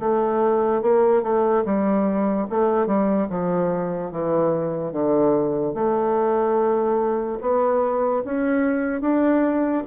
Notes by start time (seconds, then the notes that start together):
0.00 A3
0.83 A#3
1.23 A3
1.66 G3
2.50 A3
2.87 G3
3.30 F3
4.12 E3
4.93 D3
5.75 A3
7.42 B3
8.25 C#4
9.01 D4